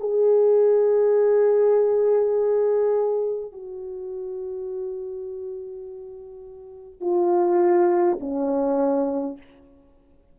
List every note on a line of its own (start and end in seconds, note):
0.00 3.52 G#4
3.52 7.01 F#4
7.01 8.18 F4
8.20 9.37 C#4